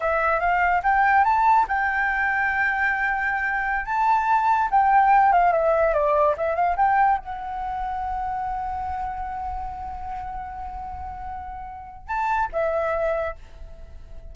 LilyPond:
\new Staff \with { instrumentName = "flute" } { \time 4/4 \tempo 4 = 144 e''4 f''4 g''4 a''4 | g''1~ | g''4~ g''16 a''2 g''8.~ | g''8. f''8 e''4 d''4 e''8 f''16~ |
f''16 g''4 fis''2~ fis''8.~ | fis''1~ | fis''1~ | fis''4 a''4 e''2 | }